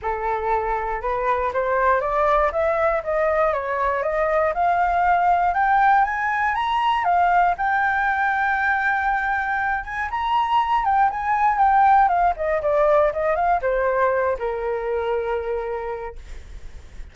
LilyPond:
\new Staff \with { instrumentName = "flute" } { \time 4/4 \tempo 4 = 119 a'2 b'4 c''4 | d''4 e''4 dis''4 cis''4 | dis''4 f''2 g''4 | gis''4 ais''4 f''4 g''4~ |
g''2.~ g''8 gis''8 | ais''4. g''8 gis''4 g''4 | f''8 dis''8 d''4 dis''8 f''8 c''4~ | c''8 ais'2.~ ais'8 | }